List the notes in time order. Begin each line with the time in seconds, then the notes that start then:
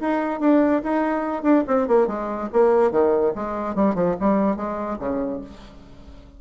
0.00 D#4
0.40 D4
0.83 D#4
1.42 D4
1.67 C4
1.87 A#3
2.07 G#3
2.52 A#3
2.91 D#3
3.35 G#3
3.75 G3
3.95 F3
4.20 G3
4.56 G#3
4.99 C#3